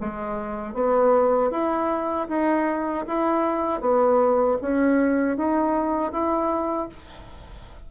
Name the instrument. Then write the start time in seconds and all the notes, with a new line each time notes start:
bassoon
0.00 G#3
0.73 B3
1.51 E4
2.28 D#4
3.07 E4
3.80 B3
4.61 C#4
5.37 D#4
6.12 E4